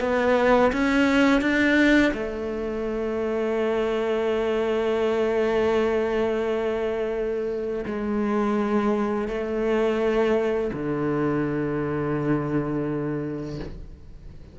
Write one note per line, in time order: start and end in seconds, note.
0.00 0.71 B3
0.72 1.41 C#4
1.41 2.12 D4
2.13 7.85 A3
7.86 9.28 G#3
9.28 10.71 A3
10.73 13.59 D3